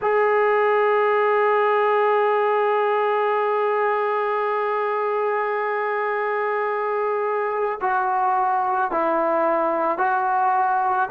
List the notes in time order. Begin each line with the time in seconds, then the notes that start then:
0.02 G#4
7.80 F#4
8.91 E4
9.97 F#4